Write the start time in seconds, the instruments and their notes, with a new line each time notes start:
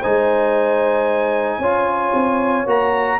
0.00 tuba G#3, trombone D#4, horn C5, trumpet G#5
1.59 tuba C#4, trombone F4, horn C#5
2.14 tuba C4
2.66 tuba A#3, trombone F#4, trumpet A#5